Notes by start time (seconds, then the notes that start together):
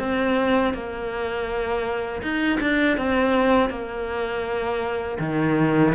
0.00 C4
0.74 A#3
2.23 D#4
2.61 D4
2.98 C4
3.70 A#3
5.20 D#3